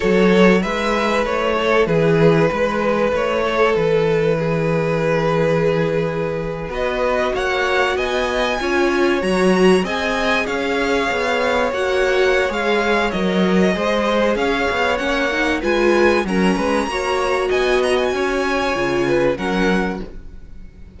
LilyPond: <<
  \new Staff \with { instrumentName = "violin" } { \time 4/4 \tempo 4 = 96 cis''4 e''4 cis''4 b'4~ | b'4 cis''4 b'2~ | b'2~ b'8. dis''4 fis''16~ | fis''8. gis''2 ais''4 gis''16~ |
gis''8. f''2 fis''4~ fis''16 | f''4 dis''2 f''4 | fis''4 gis''4 ais''2 | gis''8 ais''16 gis''2~ gis''16 fis''4 | }
  \new Staff \with { instrumentName = "violin" } { \time 4/4 a'4 b'4. a'8 gis'4 | b'4. a'4. gis'4~ | gis'2~ gis'8. b'4 cis''16~ | cis''8. dis''4 cis''2 dis''16~ |
dis''8. cis''2.~ cis''16~ | cis''2 c''4 cis''4~ | cis''4 b'4 ais'8 b'8 cis''4 | dis''4 cis''4. b'8 ais'4 | }
  \new Staff \with { instrumentName = "viola" } { \time 4/4 fis'4 e'2.~ | e'1~ | e'2~ e'8. fis'4~ fis'16~ | fis'4.~ fis'16 f'4 fis'4 gis'16~ |
gis'2~ gis'8. fis'4~ fis'16 | gis'4 ais'4 gis'2 | cis'8 dis'8 f'4 cis'4 fis'4~ | fis'2 f'4 cis'4 | }
  \new Staff \with { instrumentName = "cello" } { \time 4/4 fis4 gis4 a4 e4 | gis4 a4 e2~ | e2~ e8. b4 ais16~ | ais8. b4 cis'4 fis4 c'16~ |
c'8. cis'4 b4 ais4~ ais16 | gis4 fis4 gis4 cis'8 b8 | ais4 gis4 fis8 gis8 ais4 | b4 cis'4 cis4 fis4 | }
>>